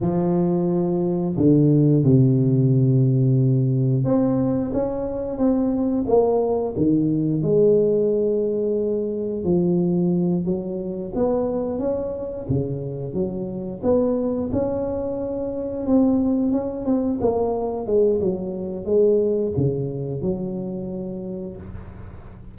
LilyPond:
\new Staff \with { instrumentName = "tuba" } { \time 4/4 \tempo 4 = 89 f2 d4 c4~ | c2 c'4 cis'4 | c'4 ais4 dis4 gis4~ | gis2 f4. fis8~ |
fis8 b4 cis'4 cis4 fis8~ | fis8 b4 cis'2 c'8~ | c'8 cis'8 c'8 ais4 gis8 fis4 | gis4 cis4 fis2 | }